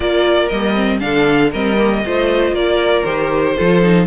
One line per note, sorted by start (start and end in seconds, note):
0.00 0.50 A#3
0.00 0.50 F4
0.00 1.00 A#4
0.00 0.48 D5
0.48 1.01 G3
0.48 0.75 A#3
0.48 0.99 D#5
0.75 0.99 C4
0.99 1.53 D3
0.99 1.50 D4
0.99 1.51 A4
0.99 1.50 F5
1.51 2.04 G3
1.51 1.76 C4
1.51 2.01 A#4
1.51 2.54 D#5
1.76 2.02 A#3
2.05 2.51 A3
2.05 3.05 F4
2.05 2.55 C5
2.51 3.02 A#3
2.51 3.56 A#4
2.51 3.04 D5
3.04 3.56 D#3
3.04 3.56 G4
3.04 4.06 C5
3.56 4.06 F3
3.56 3.82 F4
3.56 4.06 A4
3.82 4.06 D#4